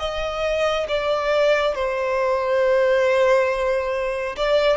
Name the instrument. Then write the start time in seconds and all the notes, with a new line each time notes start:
violin
0.00 D#5
0.89 D5
1.75 C5
4.37 D5